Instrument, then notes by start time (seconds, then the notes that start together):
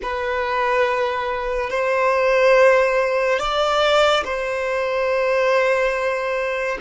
violin
0.02 B4
1.70 C5
3.39 D5
4.24 C5